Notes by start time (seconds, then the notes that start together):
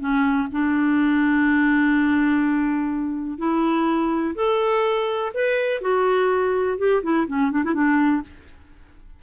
0.00 C#4
0.52 D4
3.38 E4
4.36 A4
5.35 B4
5.82 F#4
6.79 G4
7.03 E4
7.28 C#4
7.52 D4
7.65 E4
7.74 D4